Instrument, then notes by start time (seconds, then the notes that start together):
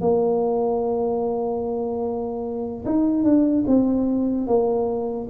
tuba
0.00 A#3
2.85 D#4
3.23 D4
3.67 C4
4.47 A#3